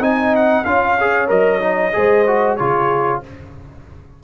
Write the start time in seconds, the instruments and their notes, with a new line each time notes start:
0.00 tuba C4, trombone D#4, horn D#5, trumpet G#5
0.36 trumpet F#5
0.65 tuba C#4, trombone F4, horn C#5, trumpet F5
1.00 trombone G#4
1.28 tuba F#3, trombone A#4, trumpet D#5
1.60 trombone D#4
1.93 tuba G#3, trombone G#4, horn C5
2.27 trombone F#4
2.56 tuba C#3, trombone F4, horn G#4, trumpet C#5